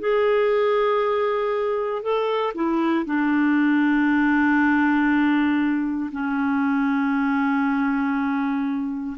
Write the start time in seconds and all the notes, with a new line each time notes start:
0.00 G#4
2.03 A4
2.55 E4
3.06 D4
6.12 C#4